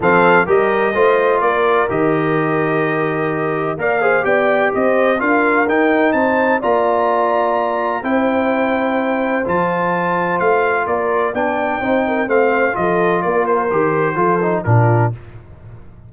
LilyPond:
<<
  \new Staff \with { instrumentName = "trumpet" } { \time 4/4 \tempo 4 = 127 f''4 dis''2 d''4 | dis''1 | f''4 g''4 dis''4 f''4 | g''4 a''4 ais''2~ |
ais''4 g''2. | a''2 f''4 d''4 | g''2 f''4 dis''4 | d''8 c''2~ c''8 ais'4 | }
  \new Staff \with { instrumentName = "horn" } { \time 4/4 a'4 ais'4 c''4 ais'4~ | ais'1 | d''8 c''8 d''4 c''4 ais'4~ | ais'4 c''4 d''2~ |
d''4 c''2.~ | c''2. ais'4 | d''4 c''8 ais'8 c''4 a'4 | ais'2 a'4 f'4 | }
  \new Staff \with { instrumentName = "trombone" } { \time 4/4 c'4 g'4 f'2 | g'1 | ais'8 gis'8 g'2 f'4 | dis'2 f'2~ |
f'4 e'2. | f'1 | d'4 dis'4 c'4 f'4~ | f'4 g'4 f'8 dis'8 d'4 | }
  \new Staff \with { instrumentName = "tuba" } { \time 4/4 f4 g4 a4 ais4 | dis1 | ais4 b4 c'4 d'4 | dis'4 c'4 ais2~ |
ais4 c'2. | f2 a4 ais4 | b4 c'4 a4 f4 | ais4 dis4 f4 ais,4 | }
>>